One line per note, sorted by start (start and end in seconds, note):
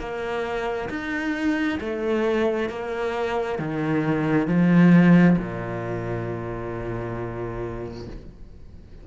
0.00 0.90 A#3
0.90 1.80 D#4
1.81 2.70 A3
2.70 3.59 A#3
3.59 4.48 D#3
4.48 5.37 F3
5.39 8.08 A#2